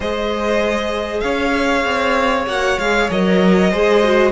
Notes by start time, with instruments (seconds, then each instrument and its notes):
0.00 cello G#3, viola G#4, violin C5 D#5
1.20 cello C#4, violin C#5 F5
1.84 cello C4
2.46 cello A#3, viola F#4, violin F#5
2.78 cello G#3, viola G#4, violin F5
3.10 cello F#3, viola A#4, violin D#5
3.70 cello G#3, viola G#4, violin C5
4.03 viola F#4